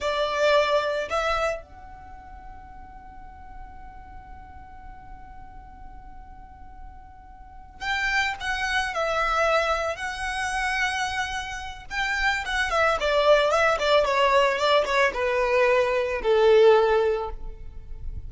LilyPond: \new Staff \with { instrumentName = "violin" } { \time 4/4 \tempo 4 = 111 d''2 e''4 fis''4~ | fis''1~ | fis''1~ | fis''2~ fis''8 g''4 fis''8~ |
fis''8 e''2 fis''4.~ | fis''2 g''4 fis''8 e''8 | d''4 e''8 d''8 cis''4 d''8 cis''8 | b'2 a'2 | }